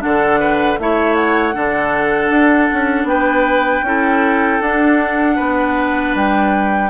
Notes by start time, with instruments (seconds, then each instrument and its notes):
0.00 bassoon D3, clarinet D4, oboe A4, flute F#5
0.40 oboe B4
0.79 bassoon A3, clarinet E4, oboe C#5, flute E5
1.16 flute F#5
1.54 bassoon D3, clarinet D4, oboe A4
2.31 bassoon D4
2.73 bassoon C#4
3.04 bassoon B3, oboe B4, flute G5
3.83 bassoon C#4, clarinet E4, oboe A4
4.61 bassoon D4, clarinet D4, flute F#5
5.36 bassoon B3, oboe B4
6.15 bassoon G3, flute G5